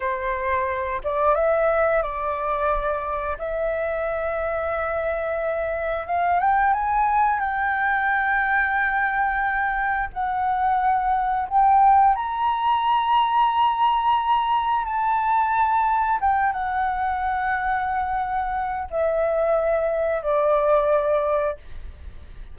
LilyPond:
\new Staff \with { instrumentName = "flute" } { \time 4/4 \tempo 4 = 89 c''4. d''8 e''4 d''4~ | d''4 e''2.~ | e''4 f''8 g''8 gis''4 g''4~ | g''2. fis''4~ |
fis''4 g''4 ais''2~ | ais''2 a''2 | g''8 fis''2.~ fis''8 | e''2 d''2 | }